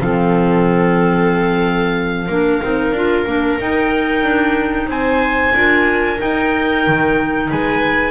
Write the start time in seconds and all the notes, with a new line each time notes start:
0.00 F3 C4 A4 F5
2.27 A#3 D4 A#4
2.62 C4 D#4
2.92 D4 F4
3.26 A#3 D4
3.60 D#4 G5
4.23 D4
4.87 C4 C5 G#5
5.54 D4 F4 A#4
6.18 D#4 G5
6.87 D#3
7.50 G#3 B4 G#5